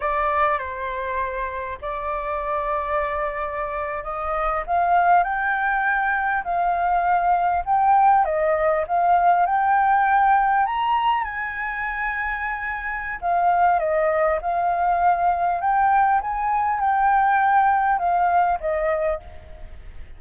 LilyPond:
\new Staff \with { instrumentName = "flute" } { \time 4/4 \tempo 4 = 100 d''4 c''2 d''4~ | d''2~ d''8. dis''4 f''16~ | f''8. g''2 f''4~ f''16~ | f''8. g''4 dis''4 f''4 g''16~ |
g''4.~ g''16 ais''4 gis''4~ gis''16~ | gis''2 f''4 dis''4 | f''2 g''4 gis''4 | g''2 f''4 dis''4 | }